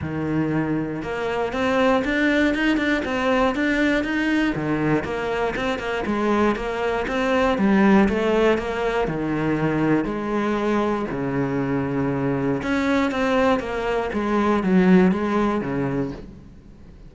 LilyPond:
\new Staff \with { instrumentName = "cello" } { \time 4/4 \tempo 4 = 119 dis2 ais4 c'4 | d'4 dis'8 d'8 c'4 d'4 | dis'4 dis4 ais4 c'8 ais8 | gis4 ais4 c'4 g4 |
a4 ais4 dis2 | gis2 cis2~ | cis4 cis'4 c'4 ais4 | gis4 fis4 gis4 cis4 | }